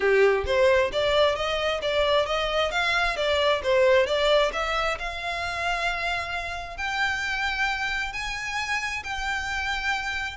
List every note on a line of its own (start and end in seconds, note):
0.00 0.44 G4
0.46 0.91 C5
0.92 1.35 D5
1.35 1.80 D#5
1.81 2.26 D5
2.26 2.71 D#5
2.71 3.16 F5
3.16 3.61 D5
3.63 4.06 C5
4.06 4.51 D5
4.53 4.98 E5
4.98 6.77 F5
6.77 8.12 G5
8.13 9.03 G#5
9.03 10.37 G5